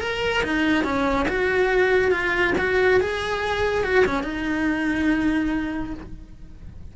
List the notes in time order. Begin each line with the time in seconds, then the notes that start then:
0.00 A#4
0.43 D#4
0.84 C#4
1.28 F#4
2.11 F4
2.58 F#4
3.00 G#4
3.84 F#4
4.05 C#4
4.23 D#4